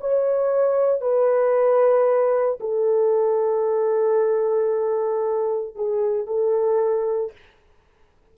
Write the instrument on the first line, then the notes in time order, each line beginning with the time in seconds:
horn
0.00 C#5
1.00 B4
2.60 A4
5.75 G#4
6.26 A4